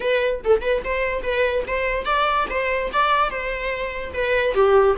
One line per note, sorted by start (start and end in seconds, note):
0.00 0.41 B4
0.44 0.61 A4
0.61 0.81 B4
0.84 1.22 C5
1.22 1.64 B4
1.67 2.05 C5
2.05 2.46 D5
2.49 2.91 C5
2.92 3.30 D5
3.30 4.13 C5
4.13 4.54 B4
4.54 4.95 G4